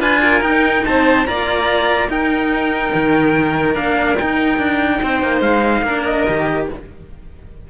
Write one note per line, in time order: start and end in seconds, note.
0.00 0.40 D4
0.00 0.41 F4
0.00 0.21 B4
0.00 0.43 G#5
0.23 0.85 A#4
0.40 0.82 D#4
0.40 1.24 D#4
0.40 0.84 G5
0.85 1.28 C4
0.85 1.27 C5
0.85 1.26 A5
1.26 2.08 A#3
1.26 2.09 F4
1.26 2.09 D5
1.26 2.10 A#5
2.08 2.91 D#4
2.08 3.74 D#4
2.08 5.01 A#4
2.08 3.75 G5
2.94 3.77 D#3
3.74 4.18 A#3
3.74 4.16 D4
3.74 4.17 F5
4.18 5.87 D#4
4.18 4.58 D#4
4.18 5.41 G5
4.58 5.00 D4
5.03 5.22 C4
5.03 5.85 C5
5.22 5.41 A#3
5.41 5.82 G#3
5.41 6.04 F5
5.82 6.23 A#3
5.82 6.27 D4
5.82 6.68 A#4
6.05 6.67 D#5
6.27 6.70 D#3
6.27 6.69 G4